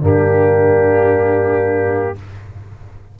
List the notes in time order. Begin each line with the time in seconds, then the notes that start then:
0.00 G2 A#3 D4 G4